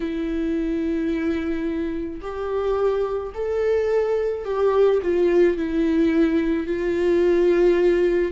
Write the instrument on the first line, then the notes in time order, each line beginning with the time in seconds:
viola
0.00 E4
2.21 G4
3.34 A4
4.44 G4
5.02 F4
5.57 E4
6.66 F4